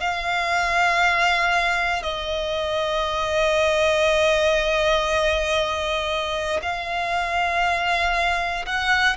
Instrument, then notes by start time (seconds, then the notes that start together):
violin
0.00 F5
2.02 D#5
6.62 F5
8.65 F#5